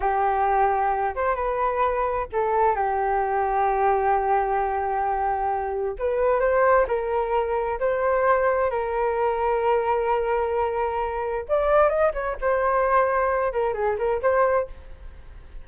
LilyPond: \new Staff \with { instrumentName = "flute" } { \time 4/4 \tempo 4 = 131 g'2~ g'8 c''8 b'4~ | b'4 a'4 g'2~ | g'1~ | g'4 b'4 c''4 ais'4~ |
ais'4 c''2 ais'4~ | ais'1~ | ais'4 d''4 dis''8 cis''8 c''4~ | c''4. ais'8 gis'8 ais'8 c''4 | }